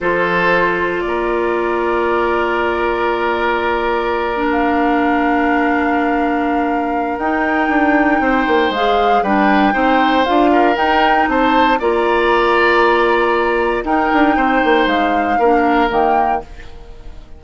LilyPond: <<
  \new Staff \with { instrumentName = "flute" } { \time 4/4 \tempo 4 = 117 c''2 d''2~ | d''1~ | d''8. f''2.~ f''16~ | f''2 g''2~ |
g''4 f''4 g''2 | f''4 g''4 a''4 ais''4~ | ais''2. g''4~ | g''4 f''2 g''4 | }
  \new Staff \with { instrumentName = "oboe" } { \time 4/4 a'2 ais'2~ | ais'1~ | ais'1~ | ais'1 |
c''2 b'4 c''4~ | c''8 ais'4. c''4 d''4~ | d''2. ais'4 | c''2 ais'2 | }
  \new Staff \with { instrumentName = "clarinet" } { \time 4/4 f'1~ | f'1~ | f'8 d'2.~ d'8~ | d'2 dis'2~ |
dis'4 gis'4 d'4 dis'4 | f'4 dis'2 f'4~ | f'2. dis'4~ | dis'2 d'4 ais4 | }
  \new Staff \with { instrumentName = "bassoon" } { \time 4/4 f2 ais2~ | ais1~ | ais1~ | ais2 dis'4 d'4 |
c'8 ais8 gis4 g4 c'4 | d'4 dis'4 c'4 ais4~ | ais2. dis'8 d'8 | c'8 ais8 gis4 ais4 dis4 | }
>>